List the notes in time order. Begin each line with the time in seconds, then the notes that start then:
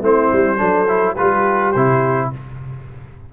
0.00 A3 C4 E4 C5
0.32 G3
0.57 F#3 D4 A4
0.88 E4
1.15 G3 F4 G4 B4
1.72 C3 E4 C5